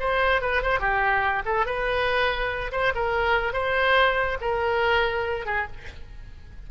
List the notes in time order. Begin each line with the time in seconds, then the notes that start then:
0.00 C5
0.41 B4
0.62 C5
0.80 G4
1.46 A4
1.66 B4
2.72 C5
2.95 A#4
3.53 C5
4.41 A#4
5.46 G#4